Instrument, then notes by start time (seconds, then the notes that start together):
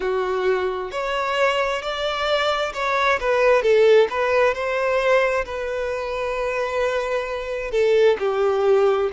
violin
0.00 F#4
0.91 C#5
1.82 D5
2.73 C#5
3.20 B4
3.62 A4
4.10 B4
4.54 C5
5.45 B4
7.71 A4
8.19 G4